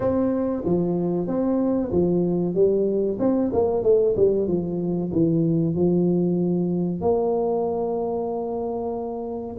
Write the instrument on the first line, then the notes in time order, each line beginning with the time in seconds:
tuba
0.00 C4
0.64 F3
1.27 C4
1.91 F3
2.54 G3
3.19 C4
3.52 A#3
3.83 A3
4.16 G3
4.47 F3
5.12 E3
5.74 F3
7.01 A#3